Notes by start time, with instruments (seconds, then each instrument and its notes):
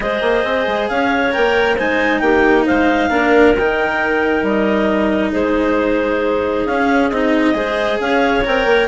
0.00 bassoon G#3, cello G#4, clarinet C5 D#5
0.21 bassoon A#3
0.44 bassoon C4
0.67 bassoon G#3
0.88 bassoon C#4, clarinet C#5 F5
1.31 bassoon A#3, cello A#4, clarinet G5
1.76 bassoon G#3, cello D#4, clarinet C5 G#5
2.19 bassoon A#3, clarinet G4 G5
2.65 bassoon G#3, clarinet C5 F5
3.09 bassoon A#3, cello D4, clarinet A#4
3.56 bassoon D#3, cello D#4, clarinet G5
4.42 bassoon G3, clarinet D#5
5.31 bassoon G#3, clarinet G#4 C5
6.65 bassoon C#4, cello C#4, clarinet F5
7.09 bassoon C4, cello D#4, clarinet D#5
7.54 bassoon G#3, cello G#4, clarinet C5
7.99 bassoon C#4, clarinet C#5 F5
8.44 bassoon C4, cello A#4, clarinet G5
8.65 bassoon A#3